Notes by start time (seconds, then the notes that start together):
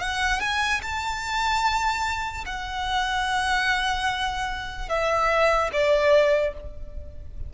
0.00 F#5
0.41 G#5
0.83 A5
2.46 F#5
4.89 E5
5.73 D5